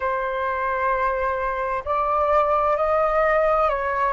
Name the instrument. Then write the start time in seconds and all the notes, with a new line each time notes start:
flute
0.00 C5
1.85 D5
2.77 D#5
3.69 C#5